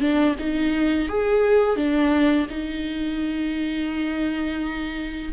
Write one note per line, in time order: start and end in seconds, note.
0.00 0.35 D4
0.39 1.08 D#4
1.08 1.76 G#4
1.76 2.47 D4
2.50 5.32 D#4